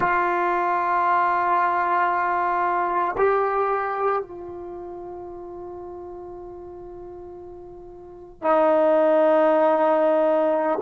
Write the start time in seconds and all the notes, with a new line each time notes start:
0.00 F4
3.17 G4
4.22 F4
8.42 D#4